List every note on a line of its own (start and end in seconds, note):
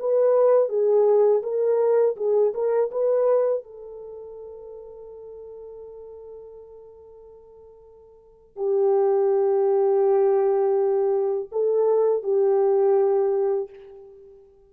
0.00 0.69 B4
0.69 1.42 G#4
1.43 2.16 A#4
2.17 2.53 G#4
2.54 2.91 A#4
2.91 3.64 B4
3.64 8.57 A4
8.57 11.49 G4
11.52 12.23 A4
12.23 13.70 G4